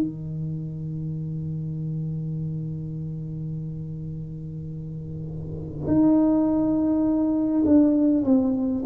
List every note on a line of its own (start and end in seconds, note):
0.00 5.87 D#3
5.87 7.63 D#4
7.65 8.24 D4
8.24 8.83 C4